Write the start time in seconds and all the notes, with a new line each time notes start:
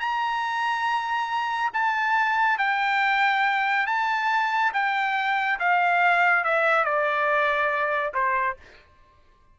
0.00 A#5
1.73 A5
2.59 G5
3.87 A5
4.73 G5
5.60 F5
6.44 E5
6.85 D5
8.14 C5